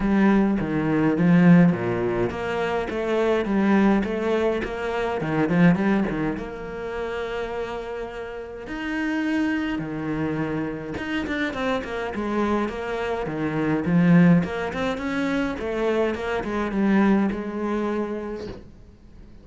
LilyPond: \new Staff \with { instrumentName = "cello" } { \time 4/4 \tempo 4 = 104 g4 dis4 f4 ais,4 | ais4 a4 g4 a4 | ais4 dis8 f8 g8 dis8 ais4~ | ais2. dis'4~ |
dis'4 dis2 dis'8 d'8 | c'8 ais8 gis4 ais4 dis4 | f4 ais8 c'8 cis'4 a4 | ais8 gis8 g4 gis2 | }